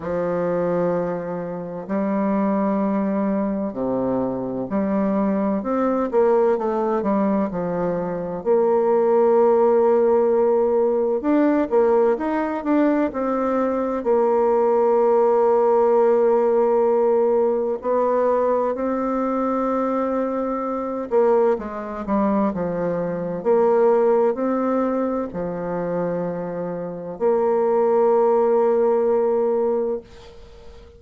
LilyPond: \new Staff \with { instrumentName = "bassoon" } { \time 4/4 \tempo 4 = 64 f2 g2 | c4 g4 c'8 ais8 a8 g8 | f4 ais2. | d'8 ais8 dis'8 d'8 c'4 ais4~ |
ais2. b4 | c'2~ c'8 ais8 gis8 g8 | f4 ais4 c'4 f4~ | f4 ais2. | }